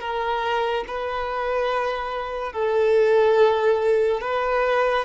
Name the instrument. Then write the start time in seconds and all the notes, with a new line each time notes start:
violin
0.00 A#4
0.87 B4
2.52 A4
4.20 B4